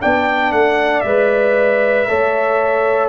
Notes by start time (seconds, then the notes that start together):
0.00 B3 D4 D5 G5
0.52 A3 F#5
1.01 G#3 B4 E5
2.08 A3 A4 C#5